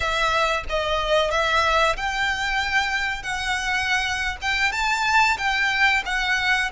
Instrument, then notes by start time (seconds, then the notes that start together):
violin
0.00 E5
0.69 D#5
1.30 E5
1.96 G5
3.22 F#5
4.41 G5
4.71 A5
5.38 G5
6.05 F#5